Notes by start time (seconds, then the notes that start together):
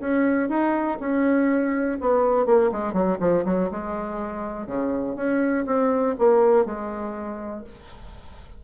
0.00 C#4
0.49 D#4
1.00 C#4
2.01 B3
2.46 A#3
2.72 G#3
2.93 F#3
3.20 F3
3.45 F#3
3.71 G#3
4.67 C#3
5.16 C#4
5.66 C4
6.19 A#3
6.65 G#3